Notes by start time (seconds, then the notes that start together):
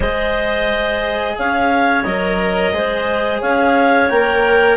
0.00 G#3 G#4 C5 D#5
1.37 C#4 C#5 F5
2.03 F#3 A#4 D#5
2.72 G#3 G#4 C5
3.40 C#4 C#5 F5
4.09 A#3 A#4 G5